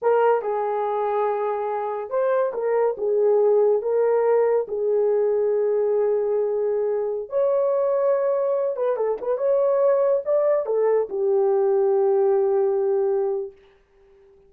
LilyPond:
\new Staff \with { instrumentName = "horn" } { \time 4/4 \tempo 4 = 142 ais'4 gis'2.~ | gis'4 c''4 ais'4 gis'4~ | gis'4 ais'2 gis'4~ | gis'1~ |
gis'4~ gis'16 cis''2~ cis''8.~ | cis''8. b'8 a'8 b'8 cis''4.~ cis''16~ | cis''16 d''4 a'4 g'4.~ g'16~ | g'1 | }